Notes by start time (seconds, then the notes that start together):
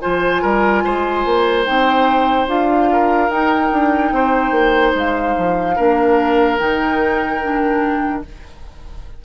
0.00 F3 F4 C5 G#5
0.42 G3 A#4
0.85 G#3 C5
1.25 A#3
1.65 C4 D#4 G5
2.47 D4 F4 F5
2.92 A#4
3.29 D#4 G5
3.73 D4
4.12 C4 C5
4.51 A#3
4.95 G#3 F5
5.38 F3
5.76 A#3 D4 A#4
6.58 D#3 D#4 G5
7.43 D4